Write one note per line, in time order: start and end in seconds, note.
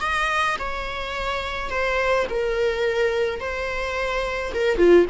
0.00 0.56 D#5
0.58 1.69 C#5
1.69 2.25 C5
2.29 3.40 A#4
3.40 4.52 C5
4.54 4.77 A#4
4.77 5.05 F4